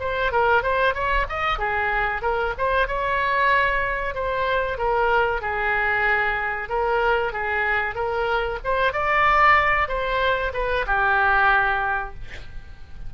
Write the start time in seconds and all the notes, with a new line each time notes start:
0.00 C5
0.32 A#4
0.63 C5
0.94 C#5
1.29 D#5
1.59 G#4
2.22 A#4
2.58 C5
2.88 C#5
4.15 C5
4.78 A#4
5.42 G#4
6.69 A#4
7.33 G#4
7.95 A#4
8.65 C5
8.93 D5
9.88 C5
10.53 B4
10.87 G4